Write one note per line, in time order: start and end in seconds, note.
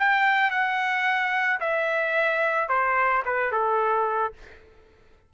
0.00 0.51 G5
0.51 1.60 F#5
1.61 2.69 E5
2.69 3.24 C5
3.26 3.52 B4
3.52 4.34 A4